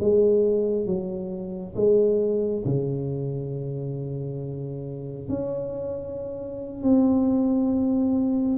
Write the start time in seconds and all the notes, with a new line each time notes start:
0.00 G#3
0.86 F#3
1.76 G#3
2.66 C#3
5.29 C#4
6.83 C4